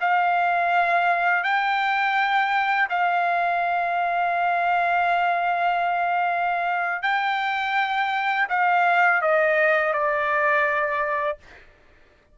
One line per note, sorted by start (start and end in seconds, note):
0.00 1.43 F5
1.43 2.88 G5
2.89 7.02 F5
7.02 8.47 G5
8.49 9.21 F5
9.21 9.93 D#5
9.93 11.38 D5